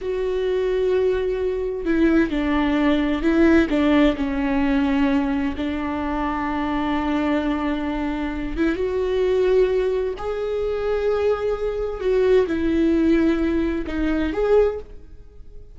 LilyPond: \new Staff \with { instrumentName = "viola" } { \time 4/4 \tempo 4 = 130 fis'1 | e'4 d'2 e'4 | d'4 cis'2. | d'1~ |
d'2~ d'8 e'8 fis'4~ | fis'2 gis'2~ | gis'2 fis'4 e'4~ | e'2 dis'4 gis'4 | }